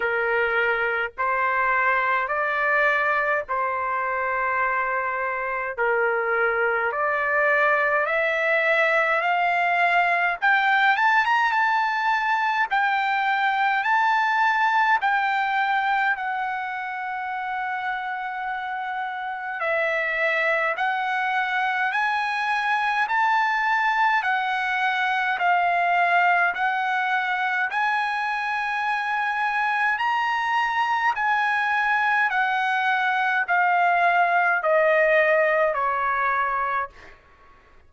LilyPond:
\new Staff \with { instrumentName = "trumpet" } { \time 4/4 \tempo 4 = 52 ais'4 c''4 d''4 c''4~ | c''4 ais'4 d''4 e''4 | f''4 g''8 a''16 ais''16 a''4 g''4 | a''4 g''4 fis''2~ |
fis''4 e''4 fis''4 gis''4 | a''4 fis''4 f''4 fis''4 | gis''2 ais''4 gis''4 | fis''4 f''4 dis''4 cis''4 | }